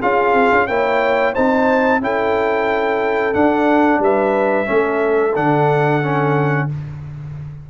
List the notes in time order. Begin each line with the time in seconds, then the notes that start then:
0.00 C#4 F4 G#4 F5
0.33 C4
0.52 C#4
0.67 A#3 E4 C#5 G5
1.33 C4 D#4 C5 A5
2.01 C#4 E4 A4 G5
3.33 D4 F#5
3.99 G3 B4 E5
4.65 A3 C#4 A4
5.35 D3 D4 F#5
6.02 C#4